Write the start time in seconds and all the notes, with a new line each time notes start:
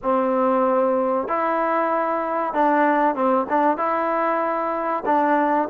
0.02 C4
1.27 E4
2.53 D4
3.15 C4
3.49 D4
3.77 E4
5.05 D4